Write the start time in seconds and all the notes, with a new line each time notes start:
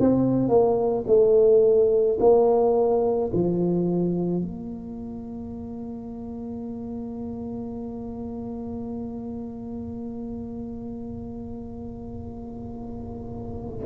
0.00 C4
0.49 A#3
1.08 A3
2.20 A#3
3.33 F3
4.42 A#3